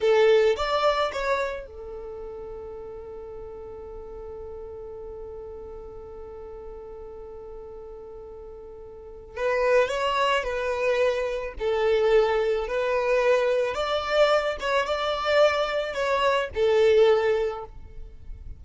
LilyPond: \new Staff \with { instrumentName = "violin" } { \time 4/4 \tempo 4 = 109 a'4 d''4 cis''4 a'4~ | a'1~ | a'1~ | a'1~ |
a'4 b'4 cis''4 b'4~ | b'4 a'2 b'4~ | b'4 d''4. cis''8 d''4~ | d''4 cis''4 a'2 | }